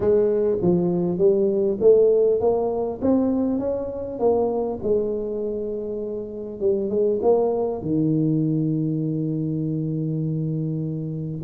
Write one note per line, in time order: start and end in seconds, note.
0.00 0.57 G#3
0.61 1.18 F3
1.18 1.78 G3
1.80 2.40 A3
2.40 3.00 A#3
3.01 3.59 C4
3.59 4.19 C#4
4.19 4.79 A#3
4.82 6.60 G#3
6.60 6.89 G3
6.89 7.19 G#3
7.21 7.81 A#3
7.81 11.41 D#3